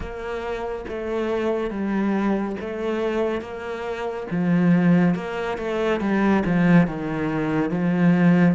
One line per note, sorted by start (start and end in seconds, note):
0.00 0.85 A#3
0.88 1.70 A3
1.70 2.56 G3
2.60 3.41 A3
3.41 4.26 A#3
4.31 5.14 F3
5.14 5.57 A#3
5.57 6.00 A3
6.00 6.43 G3
6.45 6.86 F3
6.86 7.70 D#3
7.70 8.55 F3